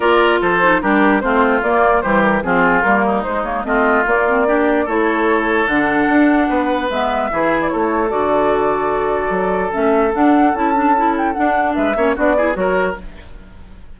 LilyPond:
<<
  \new Staff \with { instrumentName = "flute" } { \time 4/4 \tempo 4 = 148 d''4 c''4 ais'4 c''4 | d''4 c''8 ais'8 gis'4 ais'4 | c''8 cis''8 dis''4 d''2 | cis''2 fis''2~ |
fis''4 e''4.~ e''16 d''16 cis''4 | d''1 | e''4 fis''4 a''4. g''8 | fis''4 e''4 d''4 cis''4 | }
  \new Staff \with { instrumentName = "oboe" } { \time 4/4 ais'4 a'4 g'4 f'4~ | f'4 g'4 f'4. dis'8~ | dis'4 f'2 g'4 | a'1 |
b'2 gis'4 a'4~ | a'1~ | a'1~ | a'4 b'8 cis''8 fis'8 gis'8 ais'4 | }
  \new Staff \with { instrumentName = "clarinet" } { \time 4/4 f'4. dis'8 d'4 c'4 | ais4 g4 c'4 ais4 | gis8 ais8 c'4 ais8 c'8 d'4 | e'2 d'2~ |
d'4 b4 e'2 | fis'1 | cis'4 d'4 e'8 d'8 e'4 | d'4. cis'8 d'8 e'8 fis'4 | }
  \new Staff \with { instrumentName = "bassoon" } { \time 4/4 ais4 f4 g4 a4 | ais4 e4 f4 g4 | gis4 a4 ais2 | a2 d4 d'4 |
b4 gis4 e4 a4 | d2. fis4 | a4 d'4 cis'2 | d'4 gis8 ais8 b4 fis4 | }
>>